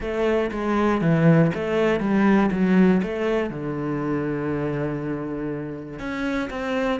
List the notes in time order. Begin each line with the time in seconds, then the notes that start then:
0.00 A3
0.51 G#3
1.01 E3
1.54 A3
2.00 G3
2.51 F#3
3.02 A3
3.50 D3
5.99 C#4
6.50 C4